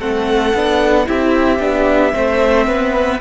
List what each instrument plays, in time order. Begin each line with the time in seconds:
0.00 cello A3, viola C4, violin A4 F#5
0.55 cello B3, viola D4
1.06 cello C4, viola E4, violin G4 E5
1.60 cello B3, viola D4
2.13 cello A3, viola C4, violin C5
2.67 cello B3, violin B4